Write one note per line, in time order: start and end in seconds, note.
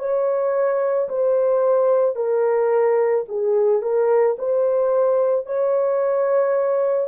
0.00 1.09 C#5
1.10 2.16 C5
2.16 3.25 A#4
3.29 3.82 G#4
3.82 4.37 A#4
4.39 5.46 C5
5.46 7.08 C#5